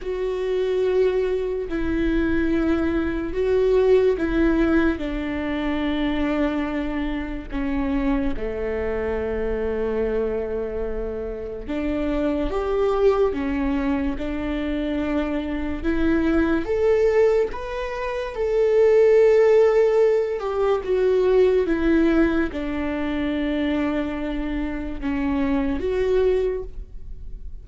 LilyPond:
\new Staff \with { instrumentName = "viola" } { \time 4/4 \tempo 4 = 72 fis'2 e'2 | fis'4 e'4 d'2~ | d'4 cis'4 a2~ | a2 d'4 g'4 |
cis'4 d'2 e'4 | a'4 b'4 a'2~ | a'8 g'8 fis'4 e'4 d'4~ | d'2 cis'4 fis'4 | }